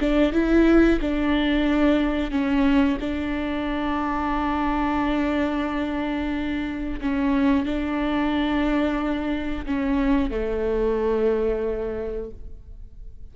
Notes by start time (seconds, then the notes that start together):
0.00 D4
0.33 E4
1.01 D4
2.32 C#4
3.01 D4
7.01 C#4
7.66 D4
9.66 C#4
10.31 A3